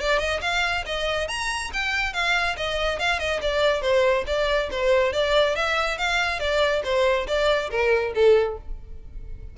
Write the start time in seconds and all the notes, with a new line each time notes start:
0.00 D5
0.19 D#5
0.41 F5
0.86 D#5
1.28 A#5
1.73 G5
2.13 F5
2.57 D#5
2.99 F5
3.19 D#5
3.42 D5
3.82 C5
4.27 D5
4.71 C5
5.13 D5
5.56 E5
5.98 F5
6.40 D5
6.84 C5
7.27 D5
7.70 A#4
8.15 A4